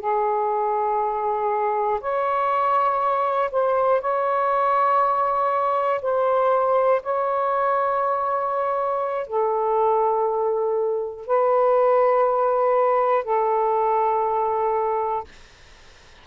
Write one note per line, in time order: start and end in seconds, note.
0.00 2.00 G#4
2.00 3.50 C#5
3.51 4.01 C5
4.01 6.01 C#5
6.02 7.02 C5
7.03 9.27 C#5
9.27 11.26 A4
11.26 13.25 B4
13.25 15.25 A4